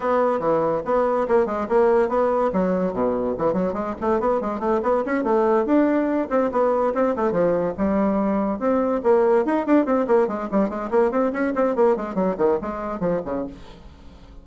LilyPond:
\new Staff \with { instrumentName = "bassoon" } { \time 4/4 \tempo 4 = 143 b4 e4 b4 ais8 gis8 | ais4 b4 fis4 b,4 | e8 fis8 gis8 a8 b8 gis8 a8 b8 | cis'8 a4 d'4. c'8 b8~ |
b8 c'8 a8 f4 g4.~ | g8 c'4 ais4 dis'8 d'8 c'8 | ais8 gis8 g8 gis8 ais8 c'8 cis'8 c'8 | ais8 gis8 fis8 dis8 gis4 f8 cis8 | }